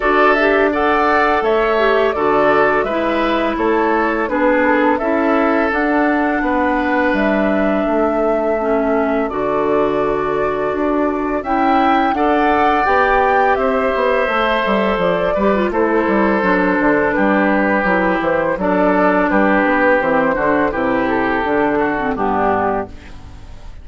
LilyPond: <<
  \new Staff \with { instrumentName = "flute" } { \time 4/4 \tempo 4 = 84 d''8 e''8 fis''4 e''4 d''4 | e''4 cis''4 b'8 a'8 e''4 | fis''2 e''2~ | e''4 d''2. |
g''4 fis''4 g''4 e''4~ | e''4 d''4 c''2 | b'4. c''8 d''4 b'4 | c''4 b'8 a'4. g'4 | }
  \new Staff \with { instrumentName = "oboe" } { \time 4/4 a'4 d''4 cis''4 a'4 | b'4 a'4 gis'4 a'4~ | a'4 b'2 a'4~ | a'1 |
e''4 d''2 c''4~ | c''4. b'8 a'2 | g'2 a'4 g'4~ | g'8 fis'8 g'4. fis'8 d'4 | }
  \new Staff \with { instrumentName = "clarinet" } { \time 4/4 fis'8 g'8 a'4. g'8 fis'4 | e'2 d'4 e'4 | d'1 | cis'4 fis'2. |
e'4 a'4 g'2 | a'4. g'16 f'16 e'4 d'4~ | d'4 e'4 d'2 | c'8 d'8 e'4 d'8. c'16 b4 | }
  \new Staff \with { instrumentName = "bassoon" } { \time 4/4 d'2 a4 d4 | gis4 a4 b4 cis'4 | d'4 b4 g4 a4~ | a4 d2 d'4 |
cis'4 d'4 b4 c'8 b8 | a8 g8 f8 g8 a8 g8 fis8 d8 | g4 fis8 e8 fis4 g8 b8 | e8 d8 c4 d4 g,4 | }
>>